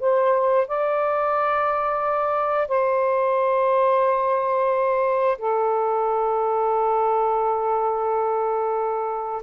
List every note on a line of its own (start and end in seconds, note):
0.00 0.67 C5
0.68 2.68 D5
2.68 5.38 C5
5.38 9.43 A4